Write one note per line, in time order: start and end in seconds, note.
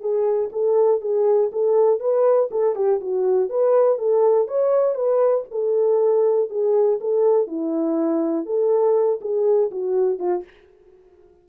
0.00 0.50 G#4
0.52 1.01 A4
1.01 1.51 G#4
1.52 1.99 A4
1.99 2.49 B4
2.51 2.75 A4
2.75 3.00 G4
3.00 3.49 F#4
3.49 3.98 B4
3.98 4.48 A4
4.48 4.95 C#5
4.95 5.45 B4
5.51 6.50 A4
6.50 6.99 G#4
7.01 7.47 A4
7.47 8.45 E4
8.45 9.20 A4
9.21 9.70 G#4
9.71 10.19 F#4
10.19 10.44 F4